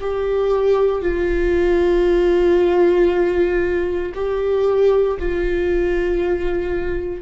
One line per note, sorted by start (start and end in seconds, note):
0.00 1.02 G4
1.02 4.12 F4
4.14 5.17 G4
5.19 7.21 F4